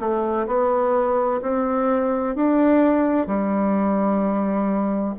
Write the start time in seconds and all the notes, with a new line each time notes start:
0.00 A3
0.47 B3
1.42 C4
2.36 D4
3.27 G3